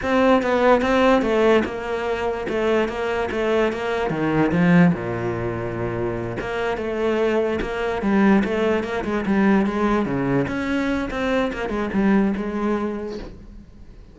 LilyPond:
\new Staff \with { instrumentName = "cello" } { \time 4/4 \tempo 4 = 146 c'4 b4 c'4 a4 | ais2 a4 ais4 | a4 ais4 dis4 f4 | ais,2.~ ais,8 ais8~ |
ais8 a2 ais4 g8~ | g8 a4 ais8 gis8 g4 gis8~ | gis8 cis4 cis'4. c'4 | ais8 gis8 g4 gis2 | }